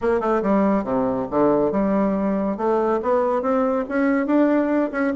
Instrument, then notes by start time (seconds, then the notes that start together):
bassoon
0.01 A#3
0.20 A3
0.42 G3
0.84 C3
1.30 D3
1.71 G3
2.57 A3
3.02 B3
3.42 C4
3.88 C#4
4.26 D4
4.91 C#4